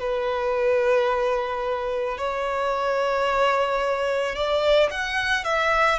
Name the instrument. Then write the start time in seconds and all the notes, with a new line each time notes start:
violin
0.00 B4
2.18 C#5
4.36 D5
4.91 F#5
5.44 E5